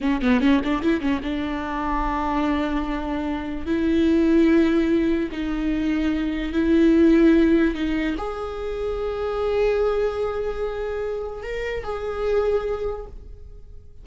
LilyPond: \new Staff \with { instrumentName = "viola" } { \time 4/4 \tempo 4 = 147 cis'8 b8 cis'8 d'8 e'8 cis'8 d'4~ | d'1~ | d'4 e'2.~ | e'4 dis'2. |
e'2. dis'4 | gis'1~ | gis'1 | ais'4 gis'2. | }